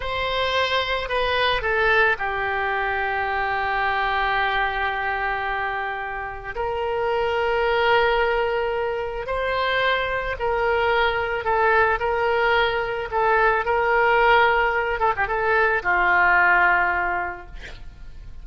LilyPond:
\new Staff \with { instrumentName = "oboe" } { \time 4/4 \tempo 4 = 110 c''2 b'4 a'4 | g'1~ | g'1 | ais'1~ |
ais'4 c''2 ais'4~ | ais'4 a'4 ais'2 | a'4 ais'2~ ais'8 a'16 g'16 | a'4 f'2. | }